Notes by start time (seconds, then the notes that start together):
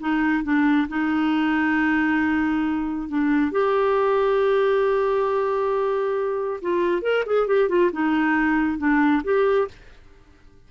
0.00 D#4
0.44 D4
0.89 D#4
3.08 D4
3.52 G4
6.62 F4
7.02 A#4
7.26 G#4
7.47 G4
7.69 F4
7.92 D#4
8.78 D4
9.24 G4